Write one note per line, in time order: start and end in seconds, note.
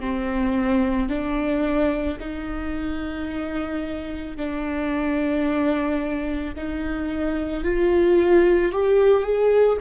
0.00 1.09 C4
1.09 2.18 D4
2.20 4.37 D#4
4.37 6.55 D4
6.56 7.64 D#4
7.64 8.72 F4
8.72 9.23 G4
9.23 9.77 G#4